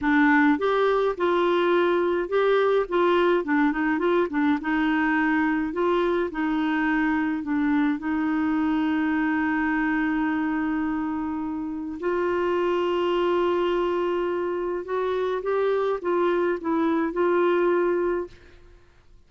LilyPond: \new Staff \with { instrumentName = "clarinet" } { \time 4/4 \tempo 4 = 105 d'4 g'4 f'2 | g'4 f'4 d'8 dis'8 f'8 d'8 | dis'2 f'4 dis'4~ | dis'4 d'4 dis'2~ |
dis'1~ | dis'4 f'2.~ | f'2 fis'4 g'4 | f'4 e'4 f'2 | }